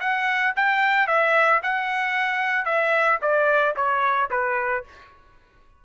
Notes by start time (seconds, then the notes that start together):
0.00 F#5
0.56 G5
1.07 E5
1.63 F#5
2.65 E5
3.21 D5
3.76 C#5
4.30 B4